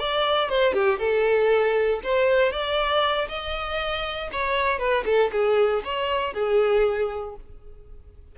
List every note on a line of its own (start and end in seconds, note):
0.00 0.50 D5
0.50 0.74 C5
0.74 0.99 G4
0.99 2.01 A4
2.04 2.52 C5
2.52 3.28 D5
3.29 4.30 D#5
4.32 4.79 C#5
4.79 5.05 B4
5.06 5.31 A4
5.33 5.83 G#4
5.85 6.34 C#5
6.34 7.36 G#4